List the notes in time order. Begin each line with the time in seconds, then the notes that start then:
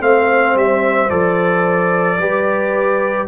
0.00 A3 C4 C5 F5
0.55 G3 E5
1.10 F3 A4 D5
2.18 G3 G4 B4